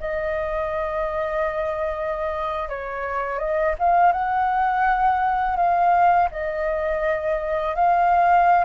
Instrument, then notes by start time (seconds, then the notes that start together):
flute
0.00 D#5
2.69 C#5
3.39 D#5
3.79 F5
4.12 F#5
5.57 F5
6.31 D#5
7.75 F5